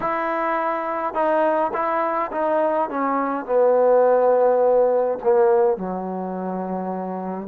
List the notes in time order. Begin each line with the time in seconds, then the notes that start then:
0.00 E4
1.14 D#4
1.73 E4
2.31 D#4
2.89 C#4
3.45 B3
5.23 A#3
5.77 F#3